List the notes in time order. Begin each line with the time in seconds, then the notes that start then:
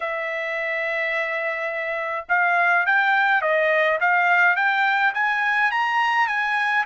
0.00 E5
2.29 F5
2.86 G5
3.41 D#5
4.00 F5
4.56 G5
5.14 G#5
5.71 A#5
6.27 G#5